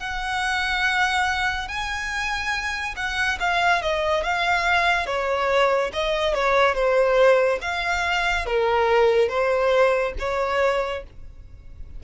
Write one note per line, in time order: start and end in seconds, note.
0.00 1.68 F#5
1.68 2.95 G#5
2.96 3.38 F#5
3.40 3.82 F5
3.82 4.23 D#5
4.23 5.06 F5
5.06 5.91 C#5
5.93 6.35 D#5
6.35 6.75 C#5
6.75 7.59 C5
7.62 8.46 F5
8.46 9.28 A#4
9.28 10.13 C5
10.19 11.04 C#5